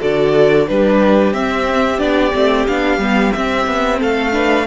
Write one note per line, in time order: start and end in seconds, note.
0.00 0.70 D3
0.00 0.67 F#4
0.00 0.67 A4
0.00 0.68 D5
0.68 1.33 G3
0.68 1.34 D4
0.68 3.99 G4
0.68 1.34 B4
1.33 1.99 C4
1.33 2.00 E5
1.99 2.32 B3
1.99 2.32 D4
1.99 2.66 D5
2.34 2.68 A3
2.34 2.68 C4
2.68 2.98 B3
2.68 3.01 D4
2.68 3.33 F5
2.98 3.32 G3
2.98 3.34 B3
3.33 4.32 C4
3.33 3.68 C4
3.33 3.99 E5
3.68 4.01 B3
3.99 4.67 A3
3.99 4.33 A4
3.99 4.67 F5
4.32 4.66 D4
4.32 4.67 B4